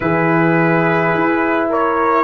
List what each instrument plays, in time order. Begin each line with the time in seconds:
0.00 tuba E3, trombone E4, horn G#4, trumpet B4
1.13 tuba E4
1.69 horn A#4, trumpet C#5